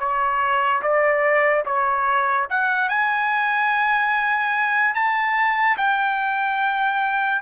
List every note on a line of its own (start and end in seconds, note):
0.00 0.82 C#5
0.83 1.65 D5
1.66 2.48 C#5
2.51 2.90 F#5
2.90 4.95 G#5
4.95 5.78 A5
5.78 7.42 G5